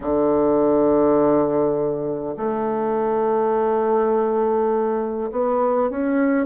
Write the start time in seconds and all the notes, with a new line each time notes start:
0.00 D3
2.36 A3
5.31 B3
5.90 C#4